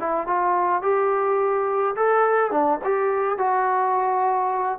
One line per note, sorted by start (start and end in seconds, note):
0.00 0.27 E4
0.27 0.82 F4
0.82 1.96 G4
1.96 2.51 A4
2.51 2.79 D4
2.84 3.38 G4
3.38 4.79 F#4